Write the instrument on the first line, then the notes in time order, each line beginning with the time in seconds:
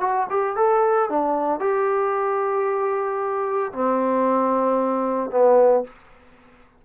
trombone
0.00 F#4
0.29 G4
0.56 A4
1.09 D4
1.59 G4
3.72 C4
5.30 B3